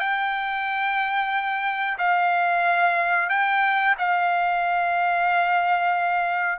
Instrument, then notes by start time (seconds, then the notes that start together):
trumpet
0.00 G5
1.98 F5
3.30 G5
3.99 F5